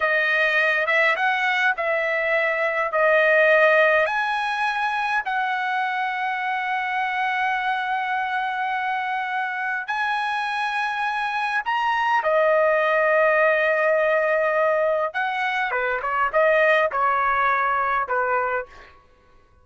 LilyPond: \new Staff \with { instrumentName = "trumpet" } { \time 4/4 \tempo 4 = 103 dis''4. e''8 fis''4 e''4~ | e''4 dis''2 gis''4~ | gis''4 fis''2.~ | fis''1~ |
fis''4 gis''2. | ais''4 dis''2.~ | dis''2 fis''4 b'8 cis''8 | dis''4 cis''2 b'4 | }